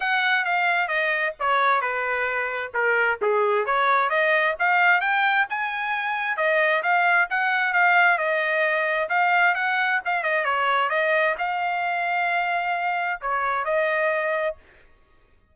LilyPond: \new Staff \with { instrumentName = "trumpet" } { \time 4/4 \tempo 4 = 132 fis''4 f''4 dis''4 cis''4 | b'2 ais'4 gis'4 | cis''4 dis''4 f''4 g''4 | gis''2 dis''4 f''4 |
fis''4 f''4 dis''2 | f''4 fis''4 f''8 dis''8 cis''4 | dis''4 f''2.~ | f''4 cis''4 dis''2 | }